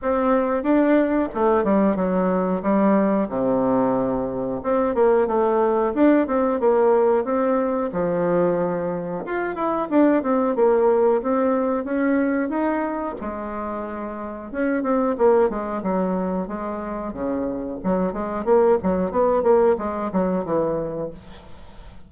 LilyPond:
\new Staff \with { instrumentName = "bassoon" } { \time 4/4 \tempo 4 = 91 c'4 d'4 a8 g8 fis4 | g4 c2 c'8 ais8 | a4 d'8 c'8 ais4 c'4 | f2 f'8 e'8 d'8 c'8 |
ais4 c'4 cis'4 dis'4 | gis2 cis'8 c'8 ais8 gis8 | fis4 gis4 cis4 fis8 gis8 | ais8 fis8 b8 ais8 gis8 fis8 e4 | }